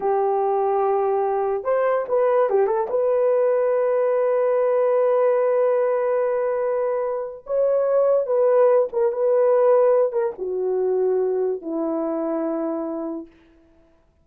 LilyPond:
\new Staff \with { instrumentName = "horn" } { \time 4/4 \tempo 4 = 145 g'1 | c''4 b'4 g'8 a'8 b'4~ | b'1~ | b'1~ |
b'2 cis''2 | b'4. ais'8 b'2~ | b'8 ais'8 fis'2. | e'1 | }